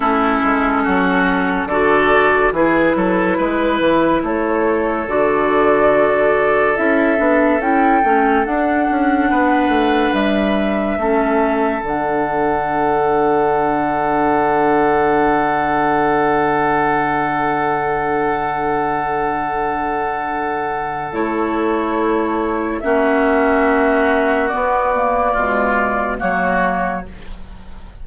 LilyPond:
<<
  \new Staff \with { instrumentName = "flute" } { \time 4/4 \tempo 4 = 71 a'2 d''4 b'4~ | b'4 cis''4 d''2 | e''4 g''4 fis''2 | e''2 fis''2~ |
fis''1~ | fis''1~ | fis''4 cis''2 e''4~ | e''4 d''2 cis''4 | }
  \new Staff \with { instrumentName = "oboe" } { \time 4/4 e'4 fis'4 a'4 gis'8 a'8 | b'4 a'2.~ | a'2. b'4~ | b'4 a'2.~ |
a'1~ | a'1~ | a'2. fis'4~ | fis'2 f'4 fis'4 | }
  \new Staff \with { instrumentName = "clarinet" } { \time 4/4 cis'2 fis'4 e'4~ | e'2 fis'2 | e'8 d'8 e'8 cis'8 d'2~ | d'4 cis'4 d'2~ |
d'1~ | d'1~ | d'4 e'2 cis'4~ | cis'4 b8 ais8 gis4 ais4 | }
  \new Staff \with { instrumentName = "bassoon" } { \time 4/4 a8 gis8 fis4 d4 e8 fis8 | gis8 e8 a4 d2 | cis'8 b8 cis'8 a8 d'8 cis'8 b8 a8 | g4 a4 d2~ |
d1~ | d1~ | d4 a2 ais4~ | ais4 b4 b,4 fis4 | }
>>